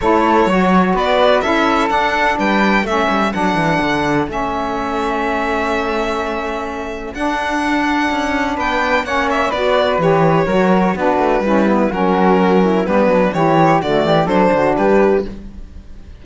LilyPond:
<<
  \new Staff \with { instrumentName = "violin" } { \time 4/4 \tempo 4 = 126 cis''2 d''4 e''4 | fis''4 g''4 e''4 fis''4~ | fis''4 e''2.~ | e''2. fis''4~ |
fis''2 g''4 fis''8 e''8 | d''4 cis''2 b'4~ | b'4 ais'2 b'4 | cis''4 d''4 c''4 b'4 | }
  \new Staff \with { instrumentName = "flute" } { \time 4/4 a'4 cis''4 b'4 a'4~ | a'4 b'4 a'2~ | a'1~ | a'1~ |
a'2 b'4 cis''4 | b'2 ais'4 fis'4 | e'4 fis'4. e'8 d'4 | g'4 fis'8 g'8 a'8 fis'8 g'4 | }
  \new Staff \with { instrumentName = "saxophone" } { \time 4/4 e'4 fis'2 e'4 | d'2 cis'4 d'4~ | d'4 cis'2.~ | cis'2. d'4~ |
d'2. cis'4 | fis'4 g'4 fis'4 d'4 | cis'8 b8 cis'2 b4 | e'4 a4 d'2 | }
  \new Staff \with { instrumentName = "cello" } { \time 4/4 a4 fis4 b4 cis'4 | d'4 g4 a8 g8 fis8 e8 | d4 a2.~ | a2. d'4~ |
d'4 cis'4 b4 ais4 | b4 e4 fis4 b8 a8 | g4 fis2 g8 fis8 | e4 d8 e8 fis8 d8 g4 | }
>>